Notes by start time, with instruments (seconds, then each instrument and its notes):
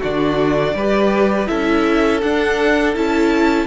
0.00 cello D3, viola D4, violin F#4 D5
0.74 cello G3, viola G4, violin B4
1.47 cello C#4, viola E4, violin A4 E5
2.21 cello D4, viola D4, violin F#5
2.95 cello C#4, viola E4, violin A5